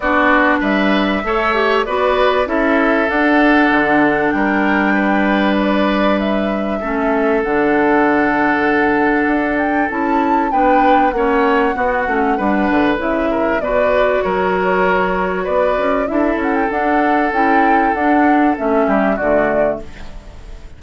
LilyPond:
<<
  \new Staff \with { instrumentName = "flute" } { \time 4/4 \tempo 4 = 97 d''4 e''2 d''4 | e''4 fis''2 g''4~ | g''4 d''4 e''2 | fis''2.~ fis''8 g''8 |
a''4 g''4 fis''2~ | fis''4 e''4 d''4 cis''4~ | cis''4 d''4 e''8 fis''16 g''16 fis''4 | g''4 fis''4 e''4 d''4 | }
  \new Staff \with { instrumentName = "oboe" } { \time 4/4 fis'4 b'4 cis''4 b'4 | a'2. ais'4 | b'2. a'4~ | a'1~ |
a'4 b'4 cis''4 fis'4 | b'4. ais'8 b'4 ais'4~ | ais'4 b'4 a'2~ | a'2~ a'8 g'8 fis'4 | }
  \new Staff \with { instrumentName = "clarinet" } { \time 4/4 d'2 a'8 g'8 fis'4 | e'4 d'2.~ | d'2. cis'4 | d'1 |
e'4 d'4 cis'4 b8 cis'8 | d'4 e'4 fis'2~ | fis'2 e'4 d'4 | e'4 d'4 cis'4 a4 | }
  \new Staff \with { instrumentName = "bassoon" } { \time 4/4 b4 g4 a4 b4 | cis'4 d'4 d4 g4~ | g2. a4 | d2. d'4 |
cis'4 b4 ais4 b8 a8 | g8 d8 cis4 b,4 fis4~ | fis4 b8 cis'8 d'8 cis'8 d'4 | cis'4 d'4 a8 g8 d4 | }
>>